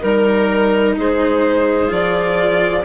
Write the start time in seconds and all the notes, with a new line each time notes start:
0.00 G3 D#4 A#4
0.96 G#3 G#4 C5
1.87 F3 F4 D5